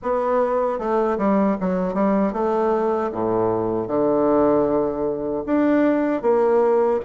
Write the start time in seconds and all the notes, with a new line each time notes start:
0.02 B3
0.78 A3
1.18 G3
1.60 F#3
1.93 G3
2.32 A3
3.12 A2
3.87 D3
5.45 D4
6.22 A#3